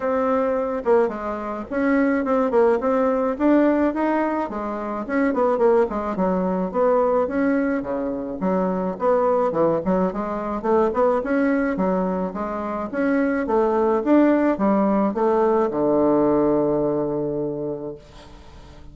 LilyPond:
\new Staff \with { instrumentName = "bassoon" } { \time 4/4 \tempo 4 = 107 c'4. ais8 gis4 cis'4 | c'8 ais8 c'4 d'4 dis'4 | gis4 cis'8 b8 ais8 gis8 fis4 | b4 cis'4 cis4 fis4 |
b4 e8 fis8 gis4 a8 b8 | cis'4 fis4 gis4 cis'4 | a4 d'4 g4 a4 | d1 | }